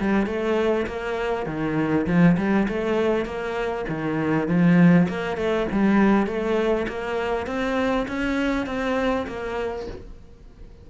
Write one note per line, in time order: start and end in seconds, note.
0.00 0.26 G3
0.26 0.86 A3
0.87 1.46 A#3
1.46 2.06 D#3
2.07 2.37 F3
2.38 2.68 G3
2.68 3.26 A3
3.26 3.86 A#3
3.89 4.48 D#3
4.48 5.08 F3
5.09 5.37 A#3
5.37 5.67 A3
5.72 6.27 G3
6.27 6.87 A3
6.88 7.47 A#3
7.47 8.07 C4
8.08 8.66 C#4
8.66 9.26 C4
9.27 9.87 A#3